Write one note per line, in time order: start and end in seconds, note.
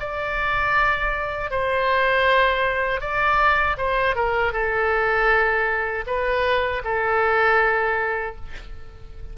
0.00 1.51 D5
1.51 3.01 C5
3.01 3.77 D5
3.78 4.16 C5
4.16 4.53 A#4
4.53 6.05 A4
6.07 6.83 B4
6.84 8.36 A4